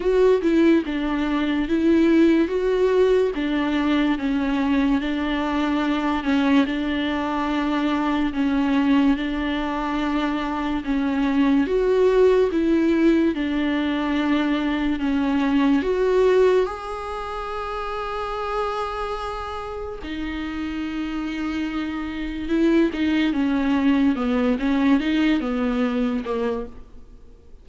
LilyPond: \new Staff \with { instrumentName = "viola" } { \time 4/4 \tempo 4 = 72 fis'8 e'8 d'4 e'4 fis'4 | d'4 cis'4 d'4. cis'8 | d'2 cis'4 d'4~ | d'4 cis'4 fis'4 e'4 |
d'2 cis'4 fis'4 | gis'1 | dis'2. e'8 dis'8 | cis'4 b8 cis'8 dis'8 b4 ais8 | }